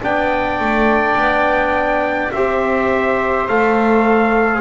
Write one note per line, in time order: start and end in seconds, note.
0.00 0.59 B3
0.00 2.31 D4
0.00 2.33 D5
0.00 2.32 G5
0.59 1.16 A3
1.16 2.31 B3
2.32 3.49 C4
2.32 3.49 G4
2.32 4.61 C5
2.32 3.47 E5
3.48 4.61 A3
3.48 4.61 A4
3.48 4.61 F5